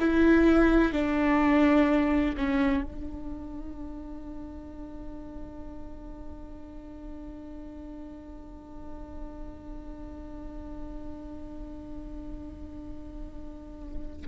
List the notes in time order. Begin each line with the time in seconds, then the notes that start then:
0.00 E4
0.93 D4
2.37 C#4
2.84 D4